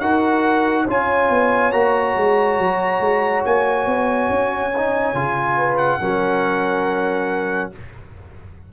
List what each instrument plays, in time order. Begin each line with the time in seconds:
0.00 tuba D#4, trombone F#4, horn A#4, trumpet F#5
0.84 tuba C#4, trombone F4, horn C#5, trumpet G#5
1.30 tuba B3
1.72 tuba A#3, trombone F#4, trumpet A#5
2.16 tuba G#3
2.59 tuba F#3
3.00 tuba G#3
3.45 tuba A#3, trumpet G#5
3.86 tuba B3
4.29 tuba C#4
4.77 trombone D#4
5.14 tuba C#3, trombone F4
5.56 horn B4
5.77 trumpet F#5
6.01 tuba F#3, trombone C#4, horn A#4